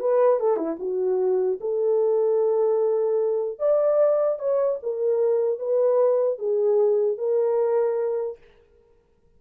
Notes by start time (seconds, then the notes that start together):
0.00 B4
0.40 A4
0.57 E4
0.80 F#4
1.61 A4
3.59 D5
4.39 C#5
4.83 A#4
5.59 B4
6.39 G#4
7.18 A#4